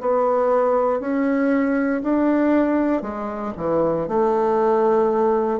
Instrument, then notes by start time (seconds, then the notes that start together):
bassoon
0.00 B3
0.99 C#4
2.03 D4
3.02 G#3
3.57 E3
4.08 A3